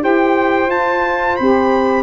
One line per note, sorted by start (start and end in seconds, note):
0.00 0.67 E4
0.00 0.67 G4
0.00 2.03 C5
0.00 0.71 G5
0.67 1.35 F4
0.67 1.36 A5
0.73 1.40 F4
1.36 2.03 C4
1.36 2.03 G4
1.36 2.03 B5